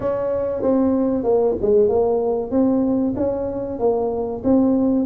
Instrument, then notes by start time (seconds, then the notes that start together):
tuba
0.00 C#4
0.62 C4
1.23 A#3
1.61 G#3
1.89 A#3
2.50 C4
3.16 C#4
3.79 A#3
4.44 C4